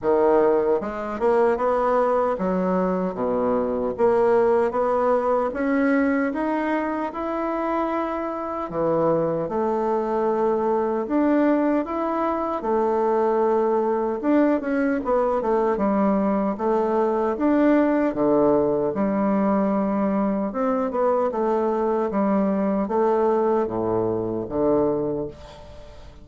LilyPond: \new Staff \with { instrumentName = "bassoon" } { \time 4/4 \tempo 4 = 76 dis4 gis8 ais8 b4 fis4 | b,4 ais4 b4 cis'4 | dis'4 e'2 e4 | a2 d'4 e'4 |
a2 d'8 cis'8 b8 a8 | g4 a4 d'4 d4 | g2 c'8 b8 a4 | g4 a4 a,4 d4 | }